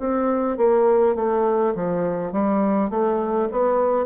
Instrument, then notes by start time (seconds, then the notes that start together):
bassoon
0.00 C4
0.57 A#3
1.16 A3
1.75 F3
2.33 G3
2.90 A3
3.52 B3